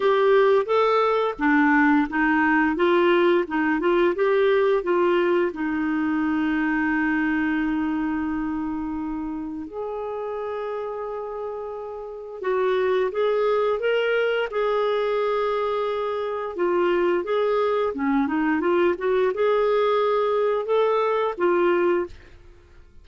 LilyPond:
\new Staff \with { instrumentName = "clarinet" } { \time 4/4 \tempo 4 = 87 g'4 a'4 d'4 dis'4 | f'4 dis'8 f'8 g'4 f'4 | dis'1~ | dis'2 gis'2~ |
gis'2 fis'4 gis'4 | ais'4 gis'2. | f'4 gis'4 cis'8 dis'8 f'8 fis'8 | gis'2 a'4 f'4 | }